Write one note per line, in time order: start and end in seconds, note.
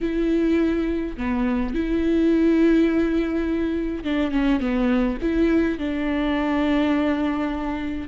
0.01 1.16 E4
1.16 1.74 B3
1.74 4.04 E4
4.04 4.31 D4
4.31 4.59 C#4
4.59 5.17 B3
5.21 5.78 E4
5.78 8.08 D4